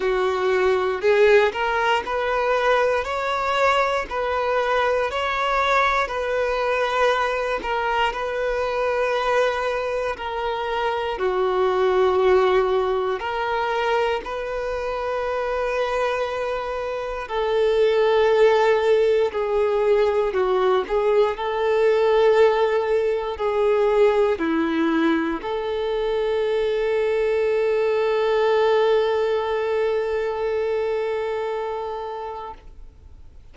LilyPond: \new Staff \with { instrumentName = "violin" } { \time 4/4 \tempo 4 = 59 fis'4 gis'8 ais'8 b'4 cis''4 | b'4 cis''4 b'4. ais'8 | b'2 ais'4 fis'4~ | fis'4 ais'4 b'2~ |
b'4 a'2 gis'4 | fis'8 gis'8 a'2 gis'4 | e'4 a'2.~ | a'1 | }